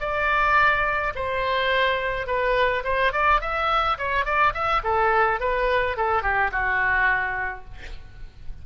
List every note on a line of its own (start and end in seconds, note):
0.00 1.13 D5
1.15 2.27 C5
2.27 2.83 B4
2.84 3.12 C5
3.12 3.41 D5
3.41 3.98 E5
3.98 4.25 C#5
4.25 4.53 D5
4.54 4.82 E5
4.84 5.40 A4
5.40 5.97 B4
5.97 6.22 A4
6.22 6.51 G4
6.51 7.65 F#4